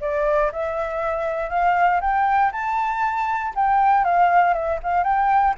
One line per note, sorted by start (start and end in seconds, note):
0.00 0.51 D5
0.52 1.50 E5
1.50 2.00 F5
2.01 2.51 G5
2.52 3.54 A5
3.55 4.04 G5
4.04 4.53 F5
4.53 4.79 E5
4.83 5.03 F5
5.03 5.54 G5